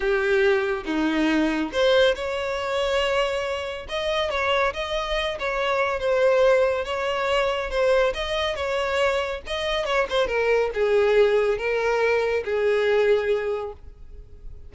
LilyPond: \new Staff \with { instrumentName = "violin" } { \time 4/4 \tempo 4 = 140 g'2 dis'2 | c''4 cis''2.~ | cis''4 dis''4 cis''4 dis''4~ | dis''8 cis''4. c''2 |
cis''2 c''4 dis''4 | cis''2 dis''4 cis''8 c''8 | ais'4 gis'2 ais'4~ | ais'4 gis'2. | }